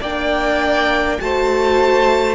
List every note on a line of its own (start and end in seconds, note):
0.00 1.18 A#3
0.00 1.21 D4
0.00 1.18 D5
0.00 1.20 G5
1.20 2.35 A3
1.20 2.35 F#4
1.20 2.35 C5
1.20 2.35 A5